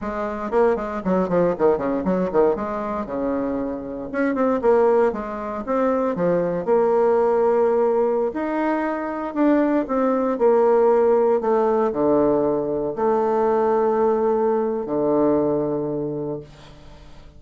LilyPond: \new Staff \with { instrumentName = "bassoon" } { \time 4/4 \tempo 4 = 117 gis4 ais8 gis8 fis8 f8 dis8 cis8 | fis8 dis8 gis4 cis2 | cis'8 c'8 ais4 gis4 c'4 | f4 ais2.~ |
ais16 dis'2 d'4 c'8.~ | c'16 ais2 a4 d8.~ | d4~ d16 a2~ a8.~ | a4 d2. | }